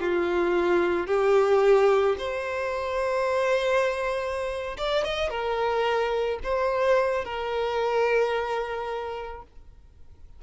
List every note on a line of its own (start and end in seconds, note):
0.00 1.07 F4
1.07 2.16 G4
2.18 4.77 C5
4.77 5.04 D5
5.04 5.30 D#5
5.30 6.39 A#4
6.43 7.24 C5
7.24 9.43 A#4